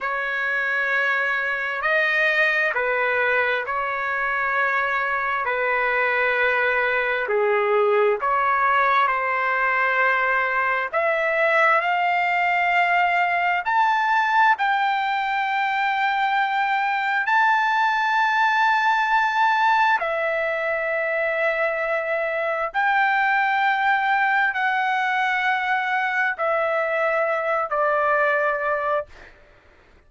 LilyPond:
\new Staff \with { instrumentName = "trumpet" } { \time 4/4 \tempo 4 = 66 cis''2 dis''4 b'4 | cis''2 b'2 | gis'4 cis''4 c''2 | e''4 f''2 a''4 |
g''2. a''4~ | a''2 e''2~ | e''4 g''2 fis''4~ | fis''4 e''4. d''4. | }